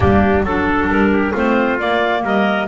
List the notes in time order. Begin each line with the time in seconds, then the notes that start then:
0.00 G3 A#3 D4 G4
0.43 F#3 D4 A4
0.87 G3 A#4
1.12 G4
1.33 A3 C4 F4 C5
1.79 A#3 D5
2.22 G3 A#4 D#5